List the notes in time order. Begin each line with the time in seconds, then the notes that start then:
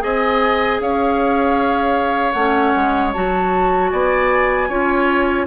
0.00 C4 G#4 D#5 G#5
0.81 C#4 C#5 F5
2.33 A3 C#4 F#5
2.76 G#3
3.14 F#3 F#4 A5
3.91 B3 D5 G#5
4.69 C#4 F4 C#5